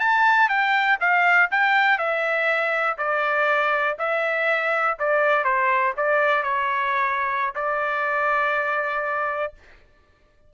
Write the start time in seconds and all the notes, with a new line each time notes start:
0.00 A5
0.49 G5
1.00 F5
1.51 G5
1.98 E5
2.98 D5
3.99 E5
4.99 D5
5.44 C5
5.97 D5
6.43 C#5
7.55 D5